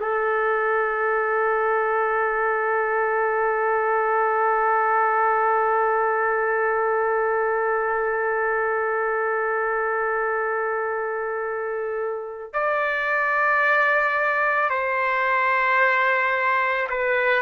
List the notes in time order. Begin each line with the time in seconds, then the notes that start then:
0.00 A4
12.53 D5
14.69 C5
16.89 B4